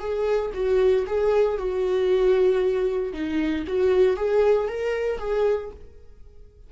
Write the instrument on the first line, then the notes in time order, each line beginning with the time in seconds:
viola
0.00 G#4
0.54 F#4
1.07 G#4
1.58 F#4
3.14 D#4
3.67 F#4
4.17 G#4
4.69 A#4
5.19 G#4